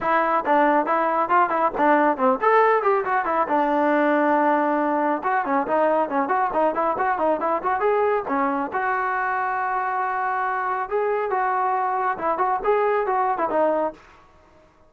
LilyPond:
\new Staff \with { instrumentName = "trombone" } { \time 4/4 \tempo 4 = 138 e'4 d'4 e'4 f'8 e'8 | d'4 c'8 a'4 g'8 fis'8 e'8 | d'1 | fis'8 cis'8 dis'4 cis'8 fis'8 dis'8 e'8 |
fis'8 dis'8 e'8 fis'8 gis'4 cis'4 | fis'1~ | fis'4 gis'4 fis'2 | e'8 fis'8 gis'4 fis'8. e'16 dis'4 | }